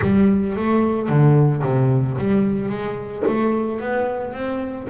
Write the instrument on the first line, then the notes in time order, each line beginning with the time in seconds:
double bass
0.01 G3
0.56 A3
1.08 D3
1.63 C3
2.17 G3
2.69 G#3
3.27 A3
3.80 B3
4.33 C4